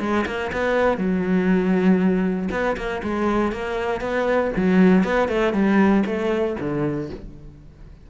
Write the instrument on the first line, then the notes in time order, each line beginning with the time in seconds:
cello
0.00 G#3
0.26 A#3
0.52 B3
0.98 F#3
2.51 B3
2.77 A#3
3.03 G#3
3.52 A#3
4.01 B3
4.56 F#3
5.04 B3
5.28 A3
5.53 G3
6.06 A3
6.60 D3